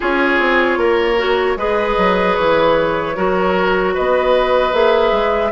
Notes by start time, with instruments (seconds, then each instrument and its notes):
0.00 bassoon C#4, clarinet F4, oboe G#4, flute C#5
0.39 bassoon C4
0.77 bassoon A#3, oboe A#4
1.17 clarinet F#4
1.56 bassoon G#3, clarinet G#4, oboe B4, flute D#5
1.97 bassoon F#3
2.35 bassoon E3, flute C#5
3.15 bassoon F#3, clarinet F#4, oboe A#4
3.93 bassoon B3, oboe B4, flute D#5
4.72 bassoon A#3, clarinet G#4, flute E5
5.11 bassoon G#3